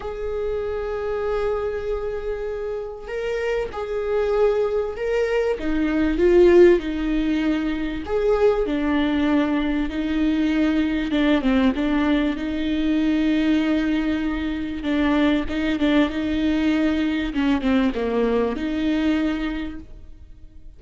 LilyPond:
\new Staff \with { instrumentName = "viola" } { \time 4/4 \tempo 4 = 97 gis'1~ | gis'4 ais'4 gis'2 | ais'4 dis'4 f'4 dis'4~ | dis'4 gis'4 d'2 |
dis'2 d'8 c'8 d'4 | dis'1 | d'4 dis'8 d'8 dis'2 | cis'8 c'8 ais4 dis'2 | }